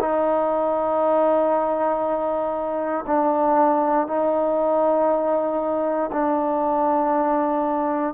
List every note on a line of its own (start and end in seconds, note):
0.00 3.05 D#4
3.07 4.07 D4
4.07 6.11 D#4
6.12 8.14 D4